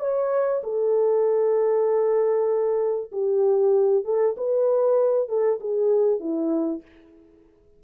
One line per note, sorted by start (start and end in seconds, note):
0.00 0.62 C#5
0.64 3.11 A4
3.12 4.05 G4
4.05 4.36 A4
4.37 5.29 B4
5.29 5.60 A4
5.61 6.20 G#4
6.20 6.82 E4